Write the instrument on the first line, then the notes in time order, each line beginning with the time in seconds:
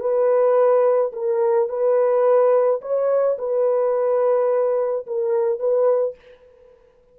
horn
0.00 B4
1.13 A#4
1.69 B4
2.82 C#5
3.38 B4
5.07 A#4
5.60 B4